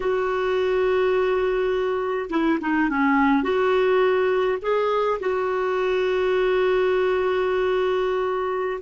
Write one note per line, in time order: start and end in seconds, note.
0.00 2.29 F#4
2.29 2.58 E4
2.60 2.89 D#4
2.89 3.43 C#4
3.43 4.58 F#4
4.62 5.19 G#4
5.19 8.80 F#4